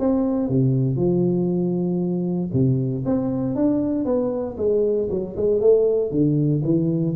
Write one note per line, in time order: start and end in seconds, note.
0.00 0.49 C4
0.49 0.97 C3
0.97 2.51 F3
2.54 3.05 C3
3.06 3.56 C4
3.56 4.05 D4
4.05 4.57 B3
4.58 5.09 G#3
5.11 5.36 F#3
5.37 5.61 G#3
5.61 6.11 A3
6.11 6.63 D3
6.65 7.16 E3